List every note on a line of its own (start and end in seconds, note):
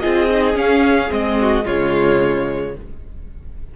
0.00 0.55 C4
0.00 0.30 F4
0.00 1.38 G#4
0.00 0.55 D#5
0.31 0.54 D#4
0.54 1.08 C#4
0.54 1.10 C#4
0.54 1.12 F5
1.10 1.66 G#3
1.10 1.64 C4
1.10 1.67 D#5
1.41 1.65 F#4
1.65 2.76 C#3
1.65 2.74 G#3
1.65 2.74 F4
1.65 2.76 C#5